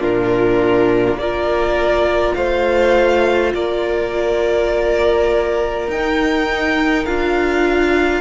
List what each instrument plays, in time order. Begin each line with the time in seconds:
0.00 cello A#2, viola D4, violin F4 A#4
1.14 cello A#3, violin D5
1.21 viola F4, violin A#4
2.35 cello A3, violin C5 F5
3.55 cello A#3, violin A#4 D5
5.88 cello D#4, viola D#4, violin G5
7.06 cello D4, viola F4, violin F5